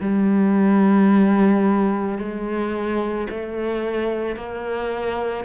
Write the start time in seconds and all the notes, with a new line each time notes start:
0.00 G3
2.18 G#3
3.30 A3
4.36 A#3